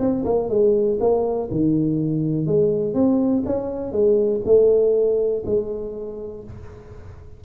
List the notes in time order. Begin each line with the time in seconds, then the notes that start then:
0.00 C4
0.25 A#3
0.50 G#3
1.00 A#3
1.51 D#3
2.47 G#3
2.94 C4
3.46 C#4
3.92 G#3
4.46 A3
5.46 G#3